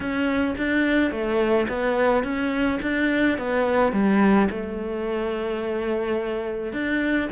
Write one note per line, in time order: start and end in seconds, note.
0.00 0.55 C#4
0.57 1.11 D4
1.11 1.67 A3
1.68 2.23 B3
2.23 2.79 C#4
2.81 3.37 D4
3.38 3.92 B3
3.92 4.48 G3
4.50 6.72 A3
6.72 7.28 D4